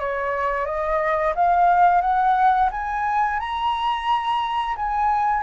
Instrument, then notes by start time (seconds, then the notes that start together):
flute
0.00 C#5
0.66 D#5
1.36 F5
2.02 F#5
2.72 G#5
3.40 A#5
4.77 G#5